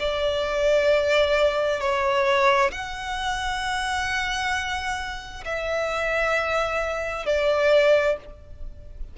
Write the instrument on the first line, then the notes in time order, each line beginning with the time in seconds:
violin
0.00 D5
1.81 C#5
2.72 F#5
5.45 E5
7.26 D5